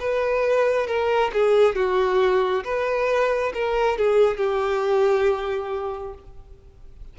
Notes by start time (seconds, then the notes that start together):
0.00 B4
0.87 A#4
1.33 G#4
1.76 F#4
2.64 B4
3.54 A#4
3.98 G#4
4.38 G4